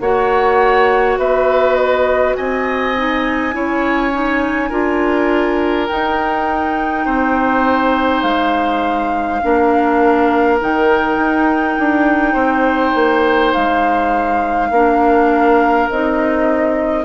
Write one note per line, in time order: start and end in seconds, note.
0.00 1.17 A#3
0.00 2.96 F#4
0.00 1.19 C#5
0.00 1.18 F#5
1.17 2.35 B3
1.17 2.37 B4
1.17 1.75 E5
1.75 2.34 D#5
2.36 3.54 C4
2.36 3.55 D#5
2.36 5.88 G#5
2.96 3.52 D#4
3.52 4.71 C#4
3.52 4.11 E4
3.52 4.69 C#5
4.12 4.71 D#4
4.69 5.89 D4
4.69 5.88 F4
4.69 7.04 A#4
5.88 9.41 D#4
5.88 7.06 D#4
5.88 8.23 G5
7.05 8.23 C4
7.05 9.41 C5
8.23 9.41 G#3
8.23 10.58 F5
9.41 10.61 A#3
9.41 10.59 D4
9.41 12.33 A#4
10.61 11.17 D#3
10.61 14.72 D#4
10.61 13.54 G5
11.17 11.76 D#4
11.79 12.34 D4
12.33 12.93 C4
12.33 14.68 C5
12.95 13.53 A#3
13.54 14.70 G#3
13.54 15.89 F5
14.70 15.88 A#3
14.70 15.91 D4
14.70 17.04 A#4
15.89 17.04 C4
15.89 17.04 D#4
15.89 17.04 D#5